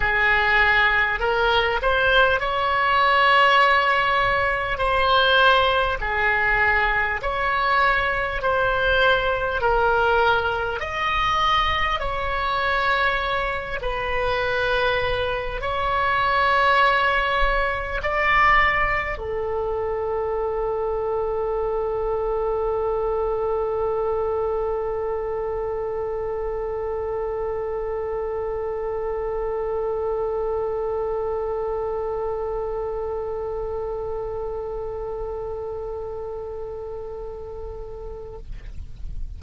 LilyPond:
\new Staff \with { instrumentName = "oboe" } { \time 4/4 \tempo 4 = 50 gis'4 ais'8 c''8 cis''2 | c''4 gis'4 cis''4 c''4 | ais'4 dis''4 cis''4. b'8~ | b'4 cis''2 d''4 |
a'1~ | a'1~ | a'1~ | a'1 | }